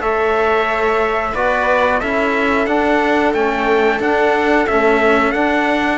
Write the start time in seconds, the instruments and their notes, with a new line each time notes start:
0.00 cello A3, trombone A4, viola C#5, trumpet E5
1.32 cello B3, trombone F#4, viola B4, trumpet D5
2.00 cello C#4, trombone E4, viola A4, trumpet E5
2.66 cello D4, trombone D4, trumpet F#5
3.34 cello A3, trombone C#4, trumpet G5
3.99 cello D4, trombone D4, trumpet F#5
4.67 trombone A3, cello C#4, trumpet E5
5.32 trombone D4, cello D4, trumpet F#5